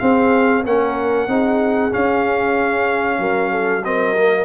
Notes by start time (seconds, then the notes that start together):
0.00 C4 G#4 F5
0.66 A#3 C#4 A#4 F#5
1.28 C4 D#4 G#4
1.91 C#4 F5
3.19 F#3 A#4
3.51 A4
3.85 C4 A#4 D#5
4.17 A#3